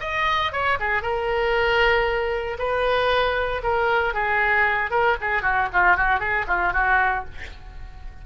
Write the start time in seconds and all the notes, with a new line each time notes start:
0.00 D#5
0.52 C#5
0.79 G#4
1.02 A#4
2.58 B4
3.63 A#4
4.13 G#4
4.90 A#4
5.21 G#4
5.42 F#4
5.72 F4
5.96 F#4
6.19 G#4
6.47 F4
6.72 F#4